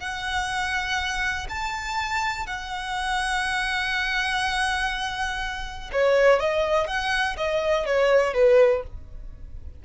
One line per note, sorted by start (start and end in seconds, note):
0.00 1.48 F#5
1.49 2.47 A5
2.47 5.91 F#5
5.93 6.40 C#5
6.40 6.87 D#5
6.87 7.37 F#5
7.37 7.86 D#5
7.86 8.34 C#5
8.34 8.83 B4